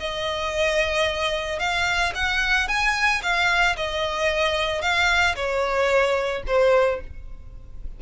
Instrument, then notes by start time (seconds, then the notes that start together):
violin
0.00 D#5
1.60 F5
2.16 F#5
2.68 G#5
3.23 F5
3.77 D#5
4.82 F5
5.36 C#5
6.47 C5